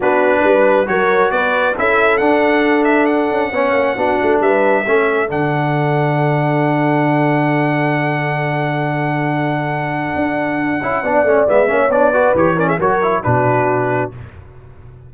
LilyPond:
<<
  \new Staff \with { instrumentName = "trumpet" } { \time 4/4 \tempo 4 = 136 b'2 cis''4 d''4 | e''4 fis''4. e''8 fis''4~ | fis''2 e''2 | fis''1~ |
fis''1~ | fis''1~ | fis''2 e''4 d''4 | cis''8 d''16 e''16 cis''4 b'2 | }
  \new Staff \with { instrumentName = "horn" } { \time 4/4 fis'4 b'4 ais'4 b'4 | a'1 | cis''4 fis'4 b'4 a'4~ | a'1~ |
a'1~ | a'1~ | a'4 d''4. cis''4 b'8~ | b'8 ais'16 gis'16 ais'4 fis'2 | }
  \new Staff \with { instrumentName = "trombone" } { \time 4/4 d'2 fis'2 | e'4 d'2. | cis'4 d'2 cis'4 | d'1~ |
d'1~ | d'1~ | d'8 e'8 d'8 cis'8 b8 cis'8 d'8 fis'8 | g'8 cis'8 fis'8 e'8 d'2 | }
  \new Staff \with { instrumentName = "tuba" } { \time 4/4 b4 g4 fis4 b4 | cis'4 d'2~ d'8 cis'8 | b8 ais8 b8 a8 g4 a4 | d1~ |
d1~ | d2. d'4~ | d'8 cis'8 b8 a8 gis8 ais8 b4 | e4 fis4 b,2 | }
>>